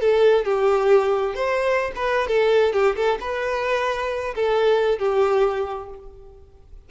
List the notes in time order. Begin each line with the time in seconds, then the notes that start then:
0.00 A4
0.44 G4
1.34 C5
1.95 B4
2.27 A4
2.72 G4
2.95 A4
3.20 B4
4.35 A4
4.98 G4